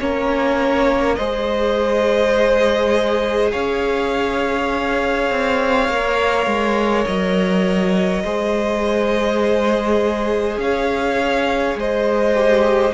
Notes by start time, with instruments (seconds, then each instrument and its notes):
0.00 cello A#3, viola C#4, violin A#4 C#5
1.15 cello G#3, viola G#4, violin C5 D#5
3.52 cello C#4, violin C#5 F5
5.30 cello C4
5.89 cello A#3, viola A#4
6.47 cello G#3
7.06 cello F#3, violin D#5
8.24 cello G#3, viola G#4, violin C5
10.57 cello C#4, violin C#5 F5
11.75 cello G#3, violin C5 D#5
12.34 viola G4